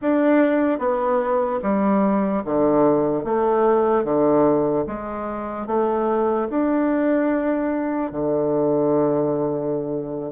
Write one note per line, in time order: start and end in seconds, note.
0.01 0.79 D4
0.79 1.60 B3
1.62 2.43 G3
2.44 3.24 D3
3.24 4.04 A3
4.04 4.85 D3
4.86 5.66 G#3
5.66 6.48 A3
6.50 8.11 D4
8.11 10.32 D3